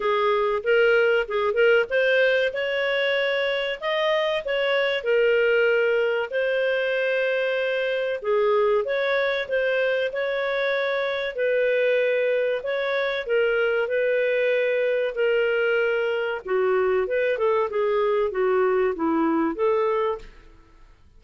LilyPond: \new Staff \with { instrumentName = "clarinet" } { \time 4/4 \tempo 4 = 95 gis'4 ais'4 gis'8 ais'8 c''4 | cis''2 dis''4 cis''4 | ais'2 c''2~ | c''4 gis'4 cis''4 c''4 |
cis''2 b'2 | cis''4 ais'4 b'2 | ais'2 fis'4 b'8 a'8 | gis'4 fis'4 e'4 a'4 | }